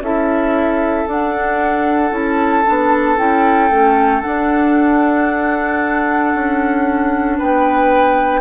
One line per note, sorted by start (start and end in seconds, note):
0.00 1.05 C#4
0.00 1.07 E4
0.00 7.38 A4
0.00 1.08 E5
1.07 2.11 D4
1.07 2.15 F#5
2.11 2.64 C#4
2.11 2.63 E4
2.11 3.18 A5
2.65 3.18 B3
2.65 3.17 D4
3.17 3.70 C#4
3.17 3.70 E4
3.17 4.22 G5
3.70 4.23 A3
3.70 4.22 C#4
4.22 8.41 D4
4.22 6.34 D4
4.22 7.37 F#5
6.34 7.40 C#4
7.38 8.41 B3
7.38 8.41 B4
7.38 8.41 G5